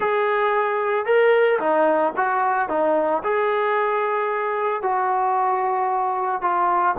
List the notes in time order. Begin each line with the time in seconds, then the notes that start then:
0.00 G#4
1.05 A#4
1.59 D#4
2.16 F#4
2.68 D#4
3.23 G#4
4.82 F#4
6.41 F4